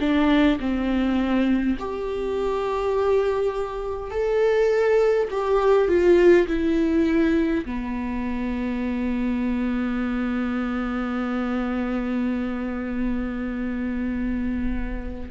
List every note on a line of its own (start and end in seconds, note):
0.00 0.59 D4
0.60 1.78 C4
1.79 4.11 G4
4.11 5.28 A4
5.31 5.88 G4
5.88 6.47 F4
6.48 7.65 E4
7.66 15.30 B3